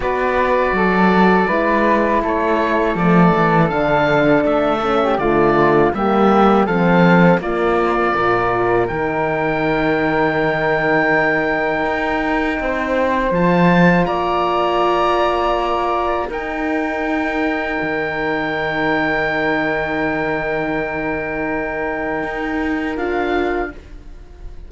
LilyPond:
<<
  \new Staff \with { instrumentName = "oboe" } { \time 4/4 \tempo 4 = 81 d''2. cis''4 | d''4 f''4 e''4 d''4 | e''4 f''4 d''2 | g''1~ |
g''2 a''4 ais''4~ | ais''2 g''2~ | g''1~ | g''2. f''4 | }
  \new Staff \with { instrumentName = "flute" } { \time 4/4 b'4 a'4 b'4 a'4~ | a'2~ a'8. g'16 f'4 | g'4 a'4 f'4 ais'4~ | ais'1~ |
ais'4 c''2 d''4~ | d''2 ais'2~ | ais'1~ | ais'1 | }
  \new Staff \with { instrumentName = "horn" } { \time 4/4 fis'2 e'2 | a4 d'4. cis'8 a4 | ais4 c'4 ais4 f'4 | dis'1~ |
dis'2 f'2~ | f'2 dis'2~ | dis'1~ | dis'2. f'4 | }
  \new Staff \with { instrumentName = "cello" } { \time 4/4 b4 fis4 gis4 a4 | f8 e8 d4 a4 d4 | g4 f4 ais4 ais,4 | dis1 |
dis'4 c'4 f4 ais4~ | ais2 dis'2 | dis1~ | dis2 dis'4 d'4 | }
>>